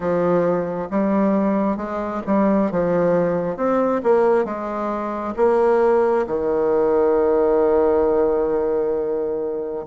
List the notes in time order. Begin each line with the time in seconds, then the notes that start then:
0.00 F3
0.90 G3
1.77 G#3
2.26 G3
2.71 F3
3.56 C4
4.03 A#3
4.45 G#3
5.36 A#3
6.26 D#3